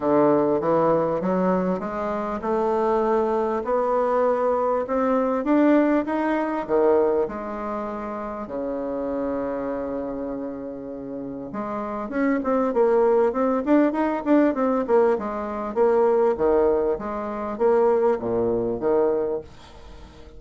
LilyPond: \new Staff \with { instrumentName = "bassoon" } { \time 4/4 \tempo 4 = 99 d4 e4 fis4 gis4 | a2 b2 | c'4 d'4 dis'4 dis4 | gis2 cis2~ |
cis2. gis4 | cis'8 c'8 ais4 c'8 d'8 dis'8 d'8 | c'8 ais8 gis4 ais4 dis4 | gis4 ais4 ais,4 dis4 | }